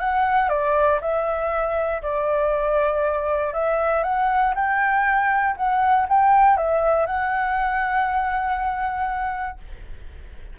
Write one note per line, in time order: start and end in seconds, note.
0.00 0.50 F#5
0.50 1.00 D5
1.02 2.02 E5
2.03 3.54 D5
3.54 4.04 E5
4.04 4.54 F#5
4.55 5.56 G5
5.57 6.07 F#5
6.09 6.58 G5
6.58 7.07 E5
7.07 9.59 F#5